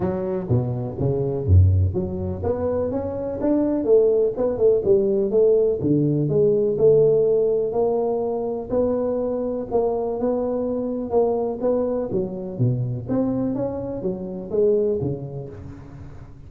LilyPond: \new Staff \with { instrumentName = "tuba" } { \time 4/4 \tempo 4 = 124 fis4 b,4 cis4 fis,4 | fis4 b4 cis'4 d'4 | a4 b8 a8 g4 a4 | d4 gis4 a2 |
ais2 b2 | ais4 b2 ais4 | b4 fis4 b,4 c'4 | cis'4 fis4 gis4 cis4 | }